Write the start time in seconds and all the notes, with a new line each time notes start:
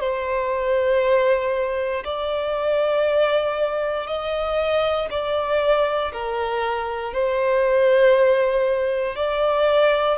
0.00 C5
2.04 D5
4.06 D#5
5.10 D5
6.12 A#4
7.13 C5
9.16 D5